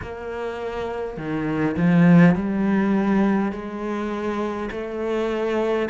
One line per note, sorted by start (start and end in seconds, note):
0.02 1.17 A#3
1.17 1.76 D#3
1.76 2.35 F3
2.35 3.52 G3
3.52 4.70 G#3
4.71 5.88 A3